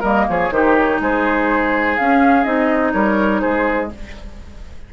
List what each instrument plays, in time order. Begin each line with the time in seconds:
0.00 bassoon G3, clarinet A#3, oboe A#4, flute D#5
0.28 bassoon F3, oboe G#4, flute C#5
0.50 bassoon D#3, clarinet D#4, oboe G4, flute C5
0.76 flute C#5
1.00 bassoon G#3, oboe G#4, flute C5
1.96 bassoon C#4, clarinet C#4, flute F5
2.44 bassoon C4, clarinet D#4, flute D#5
2.92 bassoon G3, oboe A#4, flute C#5
3.40 bassoon G#3, oboe G#4, flute C5